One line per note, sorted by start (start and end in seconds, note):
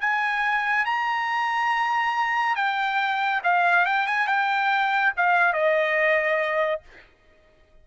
0.00 0.85 G#5
0.85 2.56 A#5
2.56 3.41 G5
3.43 3.85 F5
3.85 4.06 G5
4.06 4.27 G#5
4.27 5.12 G5
5.16 5.53 F5
5.53 6.81 D#5